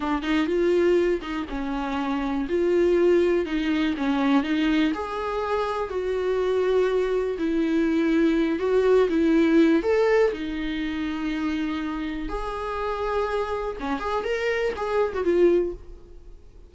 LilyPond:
\new Staff \with { instrumentName = "viola" } { \time 4/4 \tempo 4 = 122 d'8 dis'8 f'4. dis'8 cis'4~ | cis'4 f'2 dis'4 | cis'4 dis'4 gis'2 | fis'2. e'4~ |
e'4. fis'4 e'4. | a'4 dis'2.~ | dis'4 gis'2. | cis'8 gis'8 ais'4 gis'8. fis'16 f'4 | }